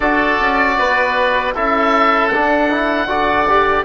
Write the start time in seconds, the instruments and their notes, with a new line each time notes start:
0.00 bassoon D4, trombone F#4, oboe A4 D5
0.39 bassoon C#4
0.78 bassoon B3, oboe B4
1.54 bassoon C#4, trombone E4, oboe A4 E5
2.28 bassoon D4, trombone D4, oboe F#5
2.70 trombone E4
3.06 bassoon D3, trombone F#4, oboe D5
3.49 trombone G4